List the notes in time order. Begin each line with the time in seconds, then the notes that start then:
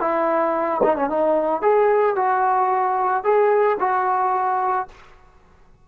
0.00 E4
0.83 D#4
0.96 C#4
1.09 D#4
1.62 G#4
2.15 F#4
3.23 G#4
3.80 F#4